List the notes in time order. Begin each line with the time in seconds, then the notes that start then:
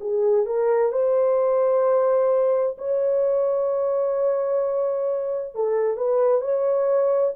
0.00 G#4
0.45 A#4
0.91 C5
2.77 C#5
5.54 A4
5.96 B4
6.41 C#5